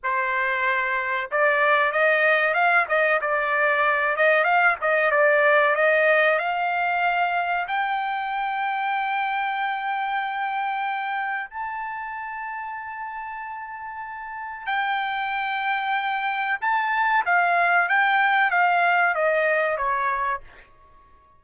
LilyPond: \new Staff \with { instrumentName = "trumpet" } { \time 4/4 \tempo 4 = 94 c''2 d''4 dis''4 | f''8 dis''8 d''4. dis''8 f''8 dis''8 | d''4 dis''4 f''2 | g''1~ |
g''2 a''2~ | a''2. g''4~ | g''2 a''4 f''4 | g''4 f''4 dis''4 cis''4 | }